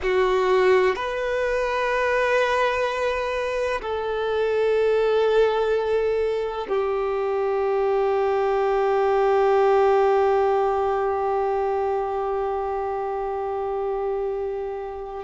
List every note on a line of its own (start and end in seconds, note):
0.02 0.95 F#4
0.95 3.81 B4
3.81 6.67 A4
6.68 15.24 G4